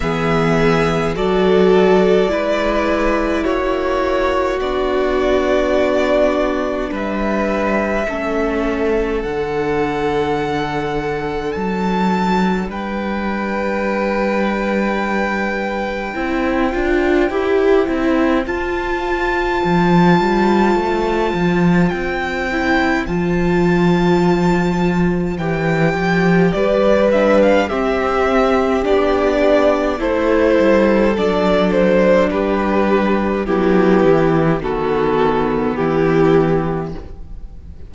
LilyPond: <<
  \new Staff \with { instrumentName = "violin" } { \time 4/4 \tempo 4 = 52 e''4 d''2 cis''4 | d''2 e''2 | fis''2 a''4 g''4~ | g''1 |
a''2. g''4 | a''2 g''4 d''8 e''16 f''16 | e''4 d''4 c''4 d''8 c''8 | b'4 g'4 a'4 g'4 | }
  \new Staff \with { instrumentName = "violin" } { \time 4/4 gis'4 a'4 b'4 fis'4~ | fis'2 b'4 a'4~ | a'2. b'4~ | b'2 c''2~ |
c''1~ | c''2. b'4 | g'2 a'2 | g'4 b4 fis'4 e'4 | }
  \new Staff \with { instrumentName = "viola" } { \time 4/4 b4 fis'4 e'2 | d'2. cis'4 | d'1~ | d'2 e'8 f'8 g'8 e'8 |
f'2.~ f'8 e'8 | f'2 g'4. d'8 | c'4 d'4 e'4 d'4~ | d'4 e'4 b2 | }
  \new Staff \with { instrumentName = "cello" } { \time 4/4 e4 fis4 gis4 ais4 | b2 g4 a4 | d2 fis4 g4~ | g2 c'8 d'8 e'8 c'8 |
f'4 f8 g8 a8 f8 c'4 | f2 e8 f8 g4 | c'4 b4 a8 g8 fis4 | g4 fis8 e8 dis4 e4 | }
>>